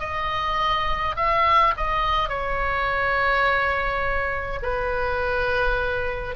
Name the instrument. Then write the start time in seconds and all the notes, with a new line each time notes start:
oboe
0.00 D#5
1.16 E5
1.77 D#5
2.29 C#5
4.63 B4